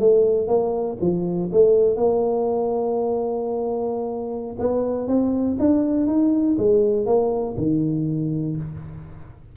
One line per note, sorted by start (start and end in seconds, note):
0.00 0.48 A3
0.48 0.98 A#3
1.01 1.51 F3
1.53 1.97 A3
1.97 4.57 A#3
4.59 5.08 B3
5.08 5.57 C4
5.60 6.07 D4
6.07 6.57 D#4
6.59 7.07 G#3
7.07 7.56 A#3
7.58 8.57 D#3